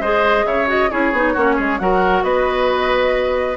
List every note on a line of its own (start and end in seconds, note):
0.00 0.45 G#3
0.00 0.66 G#4
0.00 0.45 C5
0.00 0.46 D#5
0.45 0.90 C#3
0.45 0.91 C#5
0.45 0.69 E5
0.66 0.88 F#4
0.66 0.91 D#5
0.91 1.12 C#4
0.91 1.13 E4
0.91 1.33 G#4
0.91 1.79 C#5
1.12 1.35 B3
1.12 1.36 D#4
1.33 1.59 A#3
1.33 1.80 C#4
1.33 1.56 F#4
1.56 1.80 G#3
1.56 1.78 G#4
1.79 2.23 F#3
1.79 3.57 F#4
1.79 2.24 A#4
1.79 2.24 F#5
2.23 3.57 B3
2.23 3.57 B4
2.23 3.57 D#5